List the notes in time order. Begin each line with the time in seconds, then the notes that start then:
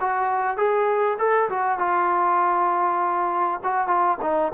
0.00 F#4
0.57 G#4
1.18 A4
1.49 F#4
1.78 F4
3.63 F#4
3.87 F4
4.22 D#4